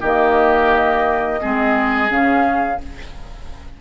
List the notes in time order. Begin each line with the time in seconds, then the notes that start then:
0.00 D#3 A#3 G4 D#5
1.41 G#3 C4 G#4
2.08 C#3 C#4 F5